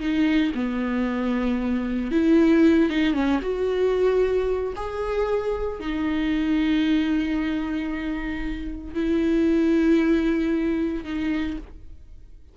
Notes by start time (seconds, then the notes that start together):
0.00 D#4
0.55 B3
2.12 E4
2.90 D#4
3.14 C#4
3.42 F#4
4.76 G#4
5.80 D#4
8.94 E4
11.05 D#4